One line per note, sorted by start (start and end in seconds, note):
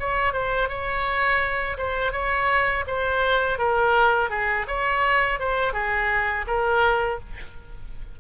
0.00 0.33 C#5
0.33 0.69 C5
0.69 1.77 C#5
1.77 2.12 C5
2.12 2.85 C#5
2.87 3.58 C5
3.58 4.30 A#4
4.30 4.66 G#4
4.68 5.40 C#5
5.40 5.73 C5
5.73 6.45 G#4
6.47 7.19 A#4